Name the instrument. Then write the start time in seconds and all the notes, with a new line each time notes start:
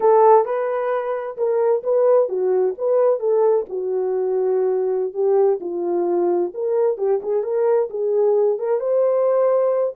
horn
0.00 A4
0.45 B4
1.37 A#4
1.83 B4
2.28 F#4
2.78 B4
3.19 A4
3.69 F#4
5.13 G4
5.60 F4
6.54 A#4
6.97 G4
7.22 G#4
7.43 A#4
7.90 G#4
8.58 A#4
8.80 C5